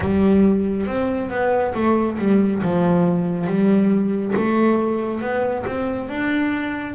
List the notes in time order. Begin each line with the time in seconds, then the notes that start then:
0.00 G3
0.86 C4
1.30 B3
1.74 A3
2.18 G3
2.62 F3
3.47 G3
4.35 A3
5.21 B3
5.66 C4
6.09 D4